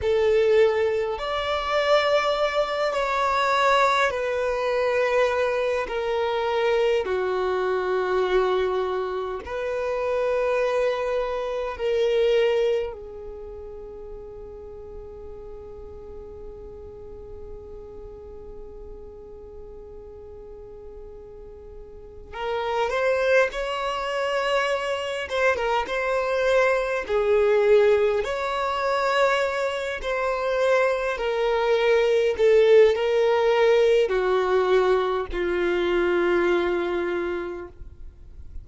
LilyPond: \new Staff \with { instrumentName = "violin" } { \time 4/4 \tempo 4 = 51 a'4 d''4. cis''4 b'8~ | b'4 ais'4 fis'2 | b'2 ais'4 gis'4~ | gis'1~ |
gis'2. ais'8 c''8 | cis''4. c''16 ais'16 c''4 gis'4 | cis''4. c''4 ais'4 a'8 | ais'4 fis'4 f'2 | }